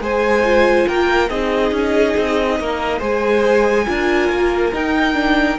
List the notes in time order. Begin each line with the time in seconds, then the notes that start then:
0.00 G#3 G#4 C5 G#5
0.44 F4
0.88 A#3 A#4 G5
1.29 C4 D#4 G#4 D#5
1.71 C#4
2.17 C4
2.60 A#3 A#4
2.99 G#3 G#4 C5 G#5
3.86 D4 F4 A#4
4.30 A#3
4.73 D#4 G5
5.14 D4